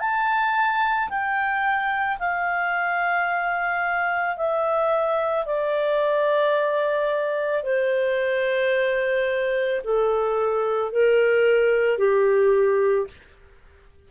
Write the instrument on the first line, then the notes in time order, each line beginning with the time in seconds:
clarinet
0.00 A5
1.10 G5
2.19 F5
4.37 E5
5.46 D5
7.64 C5
9.84 A4
10.92 A#4
11.98 G4